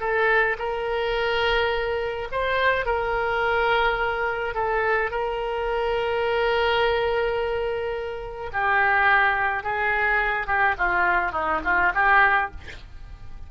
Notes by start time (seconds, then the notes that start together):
0.00 A4
0.58 A#4
2.31 C5
2.86 A#4
4.54 A4
5.11 A#4
8.53 G4
9.63 G#4
10.47 G4
10.78 F4
11.32 D#4
11.64 F4
11.94 G4